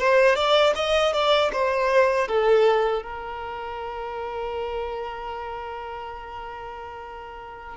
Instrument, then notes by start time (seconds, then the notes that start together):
violin
0.00 C5
0.36 D5
0.76 D#5
1.13 D5
1.53 C5
2.28 A4
3.03 A#4